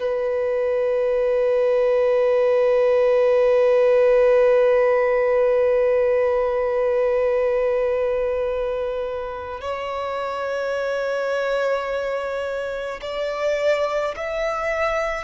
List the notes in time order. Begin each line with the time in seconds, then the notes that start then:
0.00 B4
9.61 C#5
13.02 D5
14.17 E5